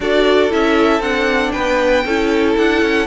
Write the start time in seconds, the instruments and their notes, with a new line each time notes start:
0.00 cello D4, viola F#4, violin A4 D5
0.49 cello C#4, viola E4, violin E5
0.99 cello C4, viola D4, violin F#5
1.51 cello B3, violin B4 G5
2.05 cello C#4, viola E4, violin A4
2.57 cello D4, violin F#5
2.82 cello C#4